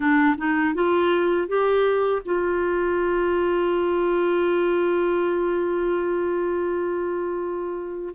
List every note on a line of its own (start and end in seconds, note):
0.00 0.35 D4
0.37 0.74 D#4
0.74 1.47 F4
1.47 2.22 G4
2.25 8.14 F4